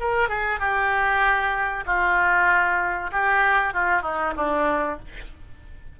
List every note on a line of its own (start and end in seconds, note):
0.00 0.28 A#4
0.28 0.59 G#4
0.59 1.84 G4
1.86 3.11 F4
3.12 3.74 G4
3.74 4.02 F4
4.02 4.33 D#4
4.36 4.99 D4